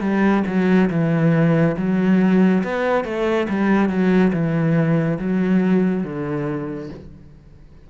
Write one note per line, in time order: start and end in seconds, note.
0.00 0.43 G3
0.46 0.89 F#3
0.90 1.75 E3
1.77 2.63 F#3
2.63 3.04 B3
3.04 3.47 A3
3.49 3.89 G3
3.89 4.32 F#3
4.32 5.18 E3
5.19 6.03 F#3
6.03 6.89 D3